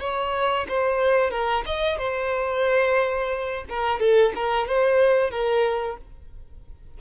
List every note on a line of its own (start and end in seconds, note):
0.00 0.67 C#5
0.68 1.31 C5
1.31 1.64 A#4
1.66 1.98 D#5
1.98 3.65 C5
3.69 4.00 A#4
4.00 4.33 A4
4.35 4.68 A#4
4.68 5.31 C5
5.31 5.97 A#4